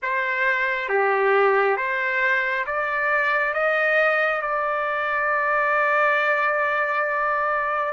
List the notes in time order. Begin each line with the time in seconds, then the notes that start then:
0.02 C5
0.88 G4
1.76 C5
2.66 D5
3.53 D#5
4.41 D5